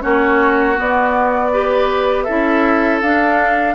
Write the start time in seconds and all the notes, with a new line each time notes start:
0.00 A#3 C#4 F#4 C#5
0.75 B3 D5
1.52 G4 B4
2.23 C#4 E4 A4 E5
3.01 D4 F5